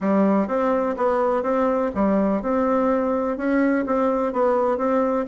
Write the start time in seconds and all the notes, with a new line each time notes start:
0.00 G3
0.47 C4
0.96 B3
1.42 C4
1.94 G3
2.42 C4
3.37 C#4
3.86 C4
4.32 B3
4.77 C4